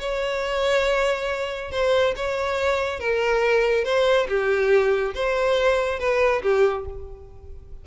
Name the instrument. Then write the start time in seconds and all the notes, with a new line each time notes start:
violin
0.00 C#5
1.72 C5
2.16 C#5
3.00 A#4
3.85 C5
4.29 G4
5.15 C5
6.00 B4
6.43 G4